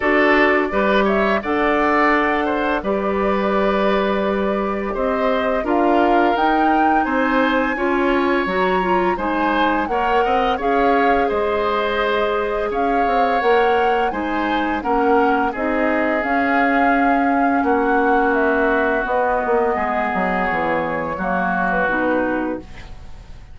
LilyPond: <<
  \new Staff \with { instrumentName = "flute" } { \time 4/4 \tempo 4 = 85 d''4. e''8 fis''2 | d''2. dis''4 | f''4 g''4 gis''2 | ais''4 gis''4 fis''4 f''4 |
dis''2 f''4 fis''4 | gis''4 fis''4 dis''4 f''4~ | f''4 fis''4 e''4 dis''4~ | dis''4 cis''4.~ cis''16 b'4~ b'16 | }
  \new Staff \with { instrumentName = "oboe" } { \time 4/4 a'4 b'8 cis''8 d''4. c''8 | b'2. c''4 | ais'2 c''4 cis''4~ | cis''4 c''4 cis''8 dis''8 cis''4 |
c''2 cis''2 | c''4 ais'4 gis'2~ | gis'4 fis'2. | gis'2 fis'2 | }
  \new Staff \with { instrumentName = "clarinet" } { \time 4/4 fis'4 g'4 a'2 | g'1 | f'4 dis'2 f'4 | fis'8 f'8 dis'4 ais'4 gis'4~ |
gis'2. ais'4 | dis'4 cis'4 dis'4 cis'4~ | cis'2. b4~ | b2 ais4 dis'4 | }
  \new Staff \with { instrumentName = "bassoon" } { \time 4/4 d'4 g4 d'2 | g2. c'4 | d'4 dis'4 c'4 cis'4 | fis4 gis4 ais8 c'8 cis'4 |
gis2 cis'8 c'8 ais4 | gis4 ais4 c'4 cis'4~ | cis'4 ais2 b8 ais8 | gis8 fis8 e4 fis4 b,4 | }
>>